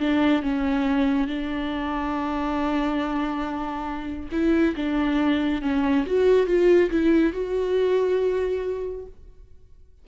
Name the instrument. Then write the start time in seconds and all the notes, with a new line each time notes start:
viola
0.00 D4
0.43 C#4
1.28 D4
4.32 E4
4.76 D4
5.62 C#4
6.06 F#4
6.47 F4
6.90 E4
7.33 F#4